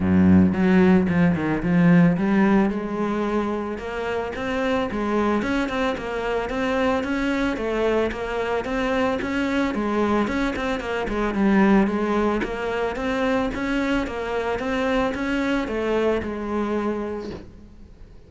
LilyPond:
\new Staff \with { instrumentName = "cello" } { \time 4/4 \tempo 4 = 111 fis,4 fis4 f8 dis8 f4 | g4 gis2 ais4 | c'4 gis4 cis'8 c'8 ais4 | c'4 cis'4 a4 ais4 |
c'4 cis'4 gis4 cis'8 c'8 | ais8 gis8 g4 gis4 ais4 | c'4 cis'4 ais4 c'4 | cis'4 a4 gis2 | }